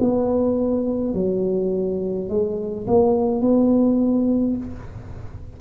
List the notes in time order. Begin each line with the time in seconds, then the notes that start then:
0.00 B3
1.14 F#3
2.29 G#3
2.87 A#3
3.41 B3